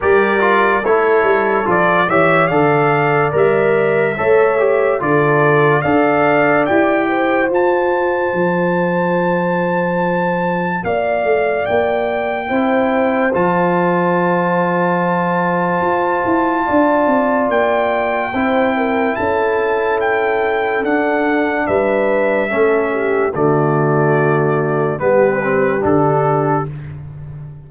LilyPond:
<<
  \new Staff \with { instrumentName = "trumpet" } { \time 4/4 \tempo 4 = 72 d''4 cis''4 d''8 e''8 f''4 | e''2 d''4 f''4 | g''4 a''2.~ | a''4 f''4 g''2 |
a''1~ | a''4 g''2 a''4 | g''4 fis''4 e''2 | d''2 b'4 a'4 | }
  \new Staff \with { instrumentName = "horn" } { \time 4/4 ais'4 a'4. cis''8 d''4~ | d''4 cis''4 a'4 d''4~ | d''8 c''2.~ c''8~ | c''4 d''2 c''4~ |
c''1 | d''2 c''8 ais'8 a'4~ | a'2 b'4 a'8 g'8 | fis'2 g'2 | }
  \new Staff \with { instrumentName = "trombone" } { \time 4/4 g'8 f'8 e'4 f'8 g'8 a'4 | ais'4 a'8 g'8 f'4 a'4 | g'4 f'2.~ | f'2. e'4 |
f'1~ | f'2 e'2~ | e'4 d'2 cis'4 | a2 b8 c'8 d'4 | }
  \new Staff \with { instrumentName = "tuba" } { \time 4/4 g4 a8 g8 f8 e8 d4 | g4 a4 d4 d'4 | e'4 f'4 f2~ | f4 ais8 a8 ais4 c'4 |
f2. f'8 e'8 | d'8 c'8 ais4 c'4 cis'4~ | cis'4 d'4 g4 a4 | d2 g4 d4 | }
>>